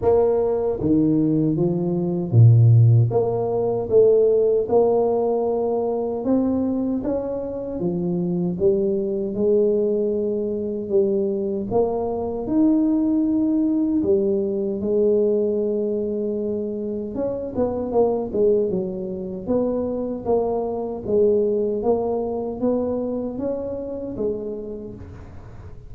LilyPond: \new Staff \with { instrumentName = "tuba" } { \time 4/4 \tempo 4 = 77 ais4 dis4 f4 ais,4 | ais4 a4 ais2 | c'4 cis'4 f4 g4 | gis2 g4 ais4 |
dis'2 g4 gis4~ | gis2 cis'8 b8 ais8 gis8 | fis4 b4 ais4 gis4 | ais4 b4 cis'4 gis4 | }